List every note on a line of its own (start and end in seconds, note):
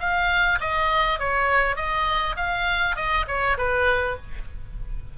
0.00 0.59 F5
0.61 1.20 D#5
1.20 1.77 C#5
1.77 2.36 D#5
2.37 2.96 F5
2.96 3.26 D#5
3.28 3.58 C#5
3.58 4.17 B4